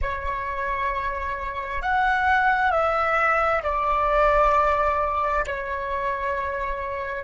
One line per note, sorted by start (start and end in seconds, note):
0.01 1.81 C#5
1.81 2.71 F#5
2.71 3.62 E5
3.63 5.45 D5
5.46 7.24 C#5